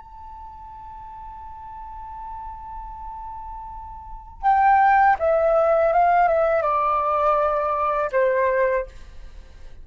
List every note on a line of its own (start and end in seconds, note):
0.00 4.43 A5
4.43 5.17 G5
5.20 5.93 E5
5.93 6.29 F5
6.29 6.63 E5
6.63 8.11 D5
8.12 8.87 C5